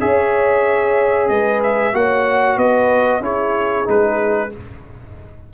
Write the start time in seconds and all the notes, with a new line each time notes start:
0.00 C#4 G#4 C#5 E5
1.28 G#3 B4 D#5
1.63 E5
1.93 A#3 F#4 C#5 F#5
2.57 B3 B4 D#5
3.20 C#4 E4 G#4 C#5
3.84 G#3 D#4 B4